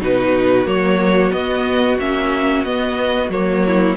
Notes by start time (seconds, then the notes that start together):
0.00 B2 D#4 F#4 B4
0.65 F#3 A#3 C#5
1.31 B3 D#5
1.98 A#3 C#4 E5
2.64 B3 D#5
3.29 F#3 A#3 C#5
3.66 E4